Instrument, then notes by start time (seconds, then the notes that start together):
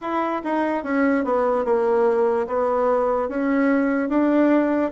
bassoon
0.01 E4
0.44 D#4
0.83 C#4
1.24 B3
1.64 A#3
2.47 B3
3.28 C#4
4.09 D4